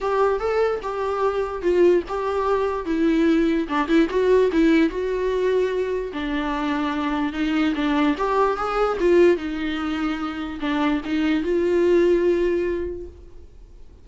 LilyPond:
\new Staff \with { instrumentName = "viola" } { \time 4/4 \tempo 4 = 147 g'4 a'4 g'2 | f'4 g'2 e'4~ | e'4 d'8 e'8 fis'4 e'4 | fis'2. d'4~ |
d'2 dis'4 d'4 | g'4 gis'4 f'4 dis'4~ | dis'2 d'4 dis'4 | f'1 | }